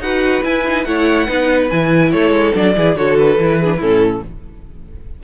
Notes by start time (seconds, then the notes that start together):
0.00 D#4 F#4 B4 F#5
0.43 E4 G#5
0.67 D#4
0.84 A3 E4 C#5 F#5
1.27 B3 D#4 B4
1.70 E3 E4 G#5
2.12 A3 A4 C#5
2.31 G#3
2.54 F#3 D4 D5
2.76 E3 E4 G#4
2.95 D3 F#4 A4 C#5
3.18 B4
3.38 E3 E4
3.61 D4 G#4
3.77 A2 C#4 E4 A4